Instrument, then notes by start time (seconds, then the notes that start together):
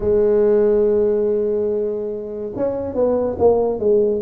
tuba
0.00 G#3
2.55 C#4
2.94 B3
3.38 A#3
3.79 G#3